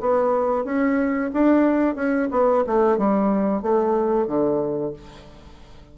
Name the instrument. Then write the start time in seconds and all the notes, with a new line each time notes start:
bassoon
0.00 B3
0.65 C#4
1.33 D4
1.95 C#4
2.31 B3
2.66 A3
2.97 G3
3.62 A3
4.27 D3